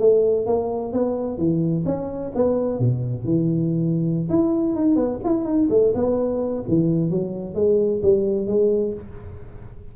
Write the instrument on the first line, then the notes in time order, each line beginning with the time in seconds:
tuba
0.00 A3
0.47 A#3
0.93 B3
1.38 E3
1.86 C#4
2.36 B3
2.80 B2
3.25 E3
4.30 E4
4.76 D#4
4.96 B3
5.25 E4
5.45 D#4
5.70 A3
5.95 B3
6.68 E3
7.11 F#3
7.55 G#3
8.03 G3
8.47 G#3